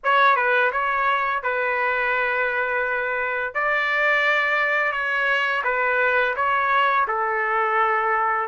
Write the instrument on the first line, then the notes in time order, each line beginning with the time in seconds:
trumpet
0.04 C#5
0.36 B4
0.72 C#5
1.42 B4
3.54 D5
4.92 C#5
5.64 B4
6.36 C#5
7.07 A4